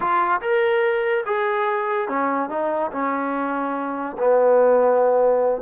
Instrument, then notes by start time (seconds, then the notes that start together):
trombone
0.00 F4
0.41 A#4
1.25 G#4
2.08 C#4
2.49 D#4
2.91 C#4
4.18 B3